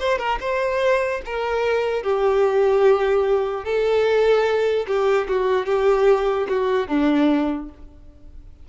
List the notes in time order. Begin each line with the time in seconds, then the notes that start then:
0.00 C5
0.18 A#4
0.41 C5
1.26 A#4
2.03 G4
3.65 A4
4.87 G4
5.29 F#4
5.66 G4
6.49 F#4
6.88 D4